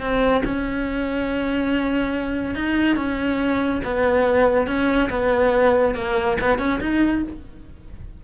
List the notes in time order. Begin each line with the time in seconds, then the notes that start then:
0.00 C4
0.44 C#4
2.55 D#4
2.96 C#4
3.84 B3
4.67 C#4
5.09 B3
5.94 A#3
6.40 B3
6.58 C#4
6.80 D#4